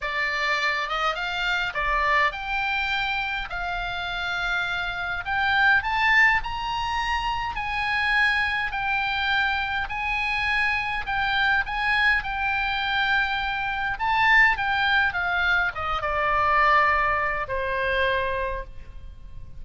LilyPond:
\new Staff \with { instrumentName = "oboe" } { \time 4/4 \tempo 4 = 103 d''4. dis''8 f''4 d''4 | g''2 f''2~ | f''4 g''4 a''4 ais''4~ | ais''4 gis''2 g''4~ |
g''4 gis''2 g''4 | gis''4 g''2. | a''4 g''4 f''4 dis''8 d''8~ | d''2 c''2 | }